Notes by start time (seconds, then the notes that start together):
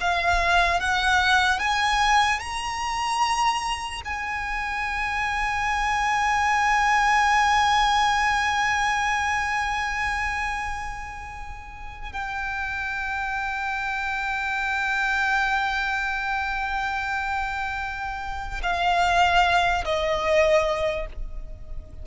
0.00 F5
0.80 F#5
1.59 G#5
2.39 A#5
4.05 G#5
12.12 G5
18.63 F5
19.85 D#5